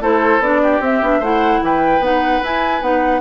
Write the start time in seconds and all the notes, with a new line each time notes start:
0.00 A3 E4 A4 C5
0.39 B3 D4 D5
0.62 G4
0.80 C4 E5
1.02 B3 D4
1.19 A3 E4 C5 F#5
1.62 E3 B4 G5
1.99 B3 D#4 F#5
2.43 E4 G#5
2.81 B3 D#4 F#5